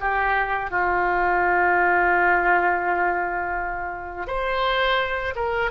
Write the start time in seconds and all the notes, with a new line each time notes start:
0.00 G4
0.70 F4
4.27 C5
5.35 A#4